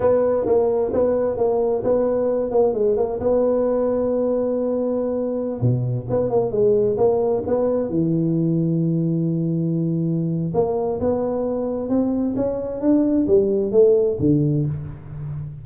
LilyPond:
\new Staff \with { instrumentName = "tuba" } { \time 4/4 \tempo 4 = 131 b4 ais4 b4 ais4 | b4. ais8 gis8 ais8 b4~ | b1~ | b16 b,4 b8 ais8 gis4 ais8.~ |
ais16 b4 e2~ e8.~ | e2. ais4 | b2 c'4 cis'4 | d'4 g4 a4 d4 | }